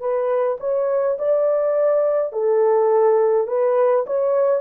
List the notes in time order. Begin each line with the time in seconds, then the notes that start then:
0.00 B4
0.60 C#5
1.19 D5
2.32 A4
3.48 B4
4.06 C#5